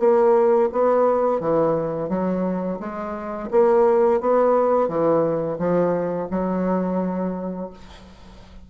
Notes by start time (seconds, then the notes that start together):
0.00 A#3
0.73 B3
1.41 E3
2.09 F#3
2.80 G#3
3.51 A#3
4.21 B3
4.88 E3
5.59 F3
6.31 F#3